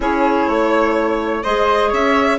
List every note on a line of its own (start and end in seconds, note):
0.00 0.46 C#4
0.00 1.44 E4
0.00 0.48 G#4
0.00 1.43 C#5
0.46 1.42 A3
0.46 1.43 C#5
1.43 1.92 G#3
1.43 2.38 G#4
1.43 1.88 C5
1.43 1.91 D#5
1.88 2.38 C#4
1.88 2.36 C#5
1.88 2.38 E5